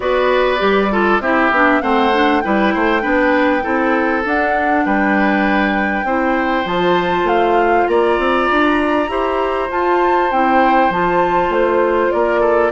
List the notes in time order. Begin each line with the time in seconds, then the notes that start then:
0.00 B3 F#4 B4 D5
0.58 G3 G4
0.90 F4 A4
1.20 C4 E4 G4 E5
1.50 B3 D4
1.81 A3 C4 C5 F#5
2.12 D4
2.40 G3 E4 B4 G5
2.74 A3 C5
3.01 B3 D4 B4
3.62 C4 E4 A4
4.24 D4 F#5
4.85 G3 B4 G5
6.04 C4 E4 C5
6.64 F3 F4 A5
7.23 A3 F5
7.87 A#3 D5 A#5
8.18 C4
8.51 D4
9.08 E4 G4 C5
9.69 F4 A5
10.31 C4 E4 G5
10.90 F3 F4 A5
11.49 A3 C5
12.11 A#3 A#4 D5
12.40 A4